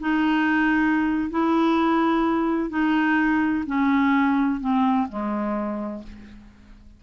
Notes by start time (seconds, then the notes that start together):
0.00 D#4
1.30 E4
2.70 D#4
3.66 C#4
4.60 C4
5.09 G#3